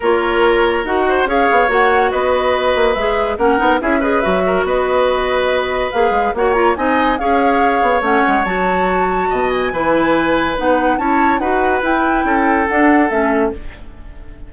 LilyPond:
<<
  \new Staff \with { instrumentName = "flute" } { \time 4/4 \tempo 4 = 142 cis''2 fis''4 f''4 | fis''4 dis''2 e''4 | fis''4 e''8 dis''8 e''4 dis''4~ | dis''2 f''4 fis''8 ais''8 |
gis''4 f''2 fis''4 | a''2~ a''8 gis''4.~ | gis''4 fis''4 a''4 fis''4 | g''2 fis''4 e''4 | }
  \new Staff \with { instrumentName = "oboe" } { \time 4/4 ais'2~ ais'8 c''8 cis''4~ | cis''4 b'2. | ais'4 gis'8 b'4 ais'8 b'4~ | b'2. cis''4 |
dis''4 cis''2.~ | cis''2 dis''4 b'4~ | b'2 cis''4 b'4~ | b'4 a'2. | }
  \new Staff \with { instrumentName = "clarinet" } { \time 4/4 f'2 fis'4 gis'4 | fis'2. gis'4 | cis'8 dis'8 e'8 gis'8 fis'2~ | fis'2 gis'4 fis'8 f'8 |
dis'4 gis'2 cis'4 | fis'2. e'4~ | e'4 dis'4 e'4 fis'4 | e'2 d'4 cis'4 | }
  \new Staff \with { instrumentName = "bassoon" } { \time 4/4 ais2 dis'4 cis'8 b8 | ais4 b4. ais8 gis4 | ais8 b8 cis'4 fis4 b4~ | b2 ais8 gis8 ais4 |
c'4 cis'4. b8 a8 gis8 | fis2 b,4 e4~ | e4 b4 cis'4 dis'4 | e'4 cis'4 d'4 a4 | }
>>